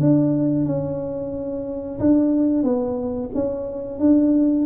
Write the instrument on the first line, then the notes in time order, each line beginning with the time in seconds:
tuba
0.00 D4
0.66 C#4
2.00 D4
2.63 B3
3.34 C#4
3.99 D4